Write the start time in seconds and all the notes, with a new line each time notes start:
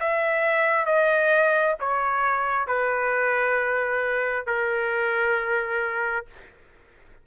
0.00 E5
0.86 D#5
1.80 C#5
2.67 B4
4.47 A#4